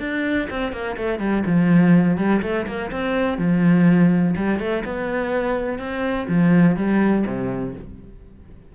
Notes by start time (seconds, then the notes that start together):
0.00 D4
0.51 C4
0.73 A#3
0.97 A3
1.20 G3
1.46 F3
2.18 G3
2.43 A3
2.67 A#3
2.92 C4
3.38 F3
4.37 G3
4.60 A3
4.85 B3
5.79 C4
6.29 F3
6.77 G3
7.27 C3